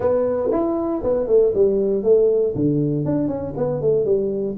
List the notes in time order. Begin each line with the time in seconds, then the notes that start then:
0.00 B3
0.51 E4
1.03 B3
1.27 A3
1.54 G3
2.03 A3
2.55 D3
3.05 D4
3.28 C#4
3.56 B3
3.81 A3
4.04 G3